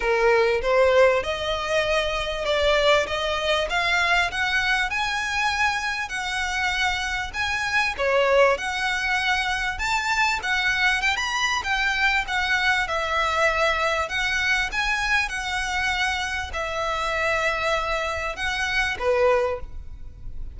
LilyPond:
\new Staff \with { instrumentName = "violin" } { \time 4/4 \tempo 4 = 98 ais'4 c''4 dis''2 | d''4 dis''4 f''4 fis''4 | gis''2 fis''2 | gis''4 cis''4 fis''2 |
a''4 fis''4 g''16 b''8. g''4 | fis''4 e''2 fis''4 | gis''4 fis''2 e''4~ | e''2 fis''4 b'4 | }